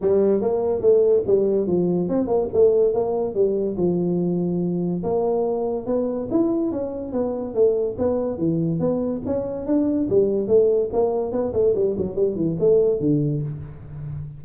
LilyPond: \new Staff \with { instrumentName = "tuba" } { \time 4/4 \tempo 4 = 143 g4 ais4 a4 g4 | f4 c'8 ais8 a4 ais4 | g4 f2. | ais2 b4 e'4 |
cis'4 b4 a4 b4 | e4 b4 cis'4 d'4 | g4 a4 ais4 b8 a8 | g8 fis8 g8 e8 a4 d4 | }